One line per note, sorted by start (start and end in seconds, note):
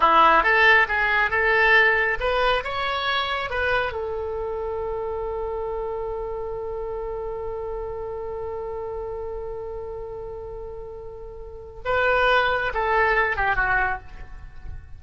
0.00 0.43 E4
0.43 0.87 A4
0.88 1.30 G#4
1.30 2.18 A4
2.20 2.63 B4
2.64 3.50 C#5
3.50 3.92 B4
3.92 11.80 A4
11.84 12.72 B4
12.73 13.36 A4
13.36 13.55 G4
13.55 13.99 F#4